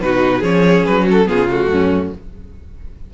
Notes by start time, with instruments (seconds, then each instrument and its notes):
0.00 cello B2, viola D#4, violin F#4 B4
0.40 cello F3, viola C#4, violin G#4 C#5
0.86 cello F#3, violin B4
1.03 violin F#4
1.11 violin A4
1.26 cello C#3, viola B3, violin F4 G#4
1.50 viola A3, violin F#4
1.68 cello F#2, violin C#4